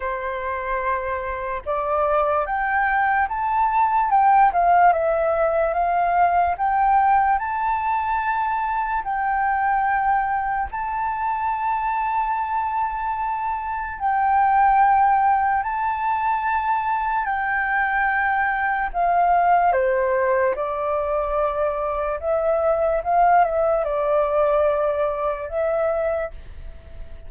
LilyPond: \new Staff \with { instrumentName = "flute" } { \time 4/4 \tempo 4 = 73 c''2 d''4 g''4 | a''4 g''8 f''8 e''4 f''4 | g''4 a''2 g''4~ | g''4 a''2.~ |
a''4 g''2 a''4~ | a''4 g''2 f''4 | c''4 d''2 e''4 | f''8 e''8 d''2 e''4 | }